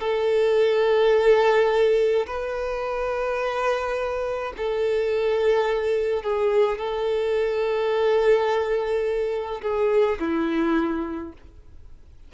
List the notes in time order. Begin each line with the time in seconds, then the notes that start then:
0.00 A4
2.26 B4
4.57 A4
6.23 G#4
6.78 A4
9.62 G#4
10.19 E4